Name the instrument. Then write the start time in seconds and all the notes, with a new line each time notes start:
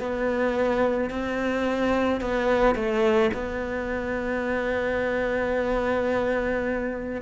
cello
0.00 B3
1.11 C4
2.21 B3
2.76 A3
3.34 B3